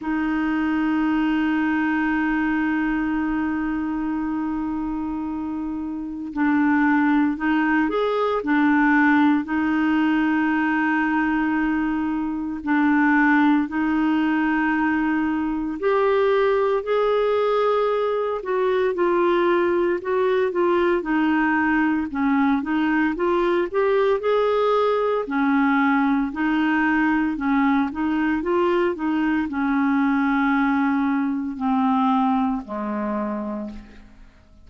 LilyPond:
\new Staff \with { instrumentName = "clarinet" } { \time 4/4 \tempo 4 = 57 dis'1~ | dis'2 d'4 dis'8 gis'8 | d'4 dis'2. | d'4 dis'2 g'4 |
gis'4. fis'8 f'4 fis'8 f'8 | dis'4 cis'8 dis'8 f'8 g'8 gis'4 | cis'4 dis'4 cis'8 dis'8 f'8 dis'8 | cis'2 c'4 gis4 | }